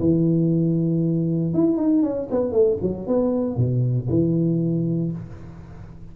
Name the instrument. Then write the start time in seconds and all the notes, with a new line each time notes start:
tuba
0.00 E3
1.54 E4
1.77 D#4
2.03 C#4
2.31 B3
2.52 A3
2.82 F#3
3.07 B3
3.57 B2
4.09 E3